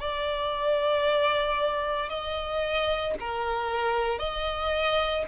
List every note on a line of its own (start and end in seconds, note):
0.00 2.10 D5
2.10 3.15 D#5
3.20 4.19 A#4
4.19 5.24 D#5